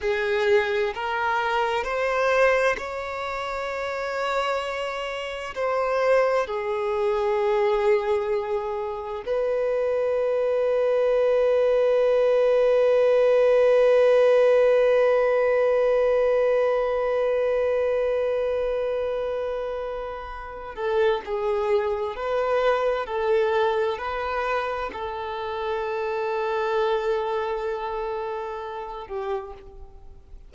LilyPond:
\new Staff \with { instrumentName = "violin" } { \time 4/4 \tempo 4 = 65 gis'4 ais'4 c''4 cis''4~ | cis''2 c''4 gis'4~ | gis'2 b'2~ | b'1~ |
b'1~ | b'2~ b'8 a'8 gis'4 | b'4 a'4 b'4 a'4~ | a'2.~ a'8 g'8 | }